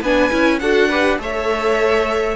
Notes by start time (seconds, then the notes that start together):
0.00 B3 D4 B4 G#5
0.30 C#4 E4
0.59 D4 F#4 A4 F#5
0.89 G4 B4
1.18 A3 A4 C#5 E5